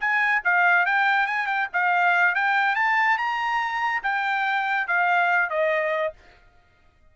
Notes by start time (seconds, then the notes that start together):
0.00 G#5
0.44 F5
0.86 G5
1.26 G#5
1.47 G5
1.73 F5
2.35 G5
2.75 A5
3.18 A#5
4.03 G5
4.87 F5
5.50 D#5